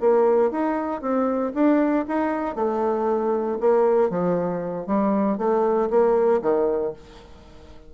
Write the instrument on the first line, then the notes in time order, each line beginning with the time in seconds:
bassoon
0.00 A#3
0.51 D#4
1.01 C4
1.54 D4
2.07 D#4
2.55 A3
3.60 A#3
4.09 F3
4.86 G3
5.38 A3
5.90 A#3
6.41 D#3